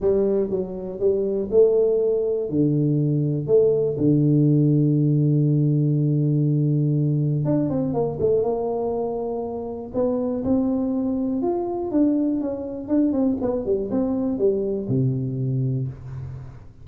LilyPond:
\new Staff \with { instrumentName = "tuba" } { \time 4/4 \tempo 4 = 121 g4 fis4 g4 a4~ | a4 d2 a4 | d1~ | d2. d'8 c'8 |
ais8 a8 ais2. | b4 c'2 f'4 | d'4 cis'4 d'8 c'8 b8 g8 | c'4 g4 c2 | }